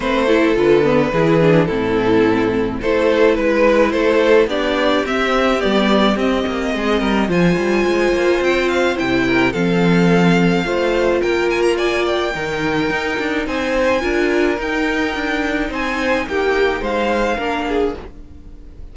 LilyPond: <<
  \new Staff \with { instrumentName = "violin" } { \time 4/4 \tempo 4 = 107 c''4 b'2 a'4~ | a'4 c''4 b'4 c''4 | d''4 e''4 d''4 dis''4~ | dis''4 gis''2 g''8 f''8 |
g''4 f''2. | g''8 gis''16 ais''16 gis''8 g''2~ g''8 | gis''2 g''2 | gis''4 g''4 f''2 | }
  \new Staff \with { instrumentName = "violin" } { \time 4/4 b'8 a'4. gis'4 e'4~ | e'4 a'4 b'4 a'4 | g'1 | gis'8 ais'8 c''2.~ |
c''8 ais'8 a'2 c''4 | ais'4 d''4 ais'2 | c''4 ais'2. | c''4 g'4 c''4 ais'8 gis'8 | }
  \new Staff \with { instrumentName = "viola" } { \time 4/4 c'8 e'8 f'8 b8 e'8 d'8 c'4~ | c'4 e'2. | d'4 c'4 b4 c'4~ | c'4 f'2. |
e'4 c'2 f'4~ | f'2 dis'2~ | dis'4 f'4 dis'2~ | dis'2. d'4 | }
  \new Staff \with { instrumentName = "cello" } { \time 4/4 a4 d4 e4 a,4~ | a,4 a4 gis4 a4 | b4 c'4 g4 c'8 ais8 | gis8 g8 f8 g8 gis8 ais8 c'4 |
c4 f2 a4 | ais2 dis4 dis'8 d'8 | c'4 d'4 dis'4 d'4 | c'4 ais4 gis4 ais4 | }
>>